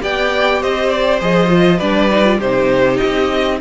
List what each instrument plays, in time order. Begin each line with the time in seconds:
0.00 cello B3, viola G4, violin D5 G5
0.60 cello C4, violin C5 D#5
0.89 violin D5
1.20 cello F3, viola G#4, violin D#5
1.48 viola F4
1.77 cello G3, viola D4, violin B4 D5
2.10 viola D#4
2.25 viola F4
2.38 cello C3, viola D#4, violin G4 C5
2.97 cello C4, violin D#5